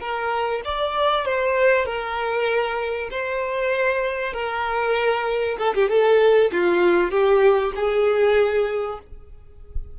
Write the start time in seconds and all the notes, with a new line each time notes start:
0.00 A#4
0.65 D5
1.26 C5
1.86 A#4
3.11 C5
4.34 A#4
5.59 A4
5.75 G4
5.90 A4
6.52 F4
7.11 G4
7.76 G#4